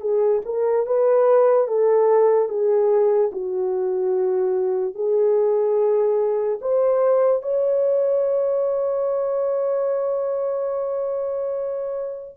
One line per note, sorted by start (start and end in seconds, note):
0.00 0.41 G#4
0.45 0.86 A#4
0.86 1.67 B4
1.67 2.48 A4
2.48 3.31 G#4
3.32 4.94 F#4
4.94 6.59 G#4
6.61 7.42 C5
7.42 12.35 C#5